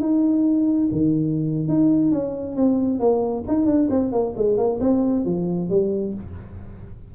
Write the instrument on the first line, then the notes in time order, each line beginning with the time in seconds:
tuba
0.00 D#4
0.92 D#3
1.68 D#4
2.12 C#4
2.56 C4
3.00 A#3
3.48 D#4
3.66 D4
3.90 C4
4.12 A#3
4.37 G#3
4.57 A#3
4.81 C4
5.25 F3
5.70 G3